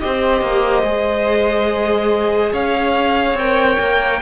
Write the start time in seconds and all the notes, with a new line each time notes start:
0.00 C4 G4 C5 D#5
0.42 A#3
0.83 G#3 G#4
2.53 C#4 C#5 F5
3.35 C4 A#4 G5
3.80 A#3